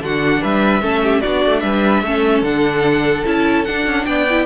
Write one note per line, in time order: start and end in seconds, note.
0.00 0.41 D3
0.00 0.82 D4
0.00 0.42 F#4
0.00 0.43 F#5
0.42 0.82 G3
0.42 0.82 B4
0.42 1.21 E5
0.82 1.23 A3
0.82 1.22 C#4
0.82 1.03 A4
1.03 1.22 G4
1.21 1.46 B3
1.21 2.05 D4
1.21 1.63 F#4
1.21 1.61 D5
1.46 1.63 A3
1.61 2.03 G3
1.61 2.04 B4
1.61 2.42 E5
2.03 2.42 A3
2.03 2.45 C#4
2.03 4.06 A4
2.42 3.23 D3
2.42 3.25 D4
2.42 3.25 F#5
3.25 3.67 C#4
3.25 3.66 E4
3.25 3.65 A5
3.65 4.28 D4
3.65 3.86 D4
3.65 4.06 F#5
3.86 4.07 C#4
4.06 4.46 B3
4.06 4.46 D5
4.06 4.46 G5
4.31 4.46 E4